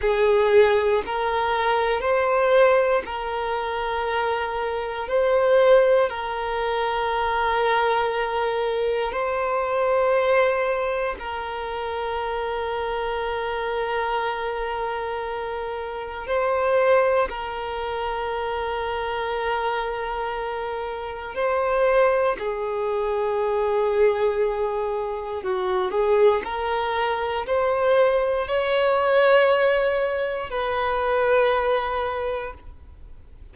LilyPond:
\new Staff \with { instrumentName = "violin" } { \time 4/4 \tempo 4 = 59 gis'4 ais'4 c''4 ais'4~ | ais'4 c''4 ais'2~ | ais'4 c''2 ais'4~ | ais'1 |
c''4 ais'2.~ | ais'4 c''4 gis'2~ | gis'4 fis'8 gis'8 ais'4 c''4 | cis''2 b'2 | }